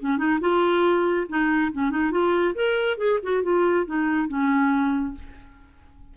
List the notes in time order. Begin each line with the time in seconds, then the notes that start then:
0.00 C#4
0.18 D#4
0.41 F4
1.29 D#4
1.73 C#4
1.91 D#4
2.12 F4
2.55 A#4
2.98 G#4
3.23 F#4
3.43 F4
3.86 D#4
4.29 C#4